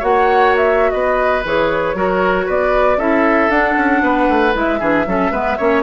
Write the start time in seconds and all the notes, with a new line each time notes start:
0.00 A#3 F#4 C#5 F#5
0.57 E5
0.91 B3 B4 D#5
1.45 E3 G#4 C#5
1.95 F#3 F#4 A#4
2.46 B3 B4 D5
2.97 C#4 E4 A4 E5
3.50 D4 F#5
3.77 C#4
4.02 B3 B4
4.29 A3
4.54 G#3 E4 E5
4.80 E3 D4 G#4
5.07 F#3 C#4 A4
5.31 G#3 B3 B4
5.58 A#3 C#4 C#5